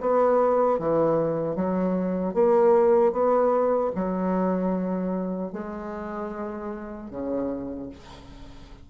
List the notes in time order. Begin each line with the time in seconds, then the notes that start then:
0.00 B3
0.78 E3
1.55 F#3
2.34 A#3
3.12 B3
3.95 F#3
5.52 G#3
7.10 C#3